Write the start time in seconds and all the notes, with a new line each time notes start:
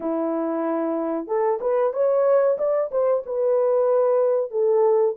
0.00 E4
1.27 A4
1.60 B4
1.93 C#5
2.58 D5
2.91 C5
3.26 B4
4.50 A4